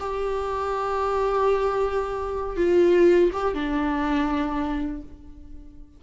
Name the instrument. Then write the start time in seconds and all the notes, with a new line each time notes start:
viola
0.00 G4
2.57 F4
3.33 G4
3.54 D4